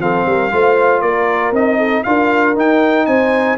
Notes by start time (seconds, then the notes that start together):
0.00 F3 C4 A4 F5
0.26 G3 A#4
0.52 A3 F4 C5
1.02 A#3 A#4 D5
1.52 C4 D#4 D#5
1.78 A4
2.04 D4 F4 A#4 F5
2.56 D#4 G5
3.06 C4 C5 G#5